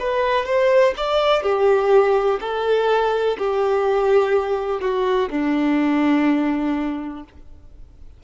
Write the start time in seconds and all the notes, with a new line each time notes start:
0.00 B4
0.46 C5
0.97 D5
1.43 G4
2.41 A4
3.39 G4
4.81 F#4
5.30 D4